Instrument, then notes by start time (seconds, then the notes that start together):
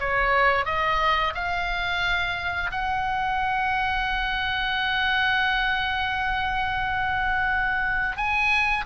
oboe
0.00 C#5
0.66 D#5
1.35 F5
2.72 F#5
8.17 G#5